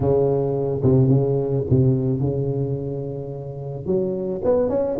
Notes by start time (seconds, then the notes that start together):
0.00 C#3
0.82 C3
1.08 C#3
1.70 C3
2.20 C#3
3.86 F#3
4.43 B3
4.69 C#4